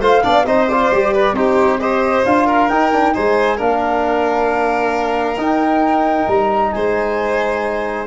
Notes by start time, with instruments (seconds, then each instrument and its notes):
0.00 tuba A3, trombone F4, violin C5, flute F5
0.22 tuba B3, trombone D4, violin D5
0.45 tuba C4, trombone D#4, violin C5, flute D#5
0.68 trombone F4, flute D5
0.91 tuba G3, trombone G4
1.13 violin B4
1.32 tuba C4, trombone D#4, violin G4, flute C5
1.80 trombone G4, violin C5, flute D#5
2.25 tuba D4, trombone F4, flute F5
2.46 violin A#4
2.69 tuba D#4, trombone D#4, flute G5
2.92 trombone D4
3.13 tuba G#3, trombone D#4, violin C5, flute G#5
3.56 tuba A#3, trombone D4, violin A#4, flute F5
5.37 tuba D#4, trombone D#4, flute G5
6.27 tuba G3, flute A#5
6.72 tuba G#3, violin C5, flute G#5